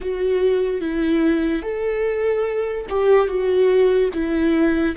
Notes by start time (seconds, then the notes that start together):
0.00 F#4
0.80 E4
1.62 A4
2.89 G4
3.27 F#4
4.13 E4